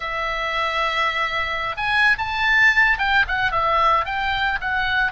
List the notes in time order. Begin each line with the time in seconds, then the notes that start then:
0.00 E5
1.76 G#5
2.17 A5
2.98 G5
3.27 F#5
3.51 E5
4.05 G5
4.60 F#5